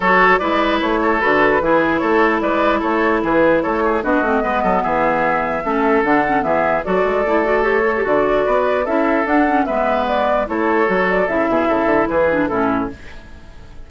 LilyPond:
<<
  \new Staff \with { instrumentName = "flute" } { \time 4/4 \tempo 4 = 149 cis''4 d''4 cis''4 b'4~ | b'4 cis''4 d''4 cis''4 | b'4 cis''4 dis''2 | e''2. fis''4 |
e''4 d''2 cis''4 | d''2 e''4 fis''4 | e''4 d''4 cis''4. d''8 | e''2 b'4 a'4 | }
  \new Staff \with { instrumentName = "oboe" } { \time 4/4 a'4 b'4. a'4. | gis'4 a'4 b'4 a'4 | gis'4 a'8 gis'8 fis'4 b'8 a'8 | gis'2 a'2 |
gis'4 a'2.~ | a'4 b'4 a'2 | b'2 a'2~ | a'8 gis'8 a'4 gis'4 e'4 | }
  \new Staff \with { instrumentName = "clarinet" } { \time 4/4 fis'4 e'2 fis'4 | e'1~ | e'2 d'8 c'8 b4~ | b2 cis'4 d'8 cis'8 |
b4 fis'4 e'8 fis'8 g'8 a'16 g'16 | fis'2 e'4 d'8 cis'8 | b2 e'4 fis'4 | e'2~ e'8 d'8 cis'4 | }
  \new Staff \with { instrumentName = "bassoon" } { \time 4/4 fis4 gis4 a4 d4 | e4 a4 gis4 a4 | e4 a4 b8 a8 gis8 fis8 | e2 a4 d4 |
e4 fis8 gis8 a2 | d4 b4 cis'4 d'4 | gis2 a4 fis4 | cis8 b,8 cis8 d8 e4 a,4 | }
>>